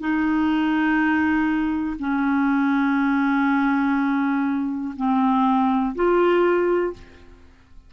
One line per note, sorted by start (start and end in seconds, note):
0.00 1.97 D#4
1.99 4.94 C#4
4.96 5.95 C4
5.95 6.93 F4